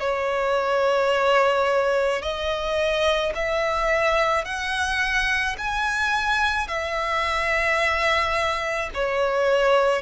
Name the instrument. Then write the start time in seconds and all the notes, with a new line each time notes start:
violin
0.00 C#5
2.22 D#5
3.35 E5
4.45 F#5
5.59 G#5
6.68 E5
8.94 C#5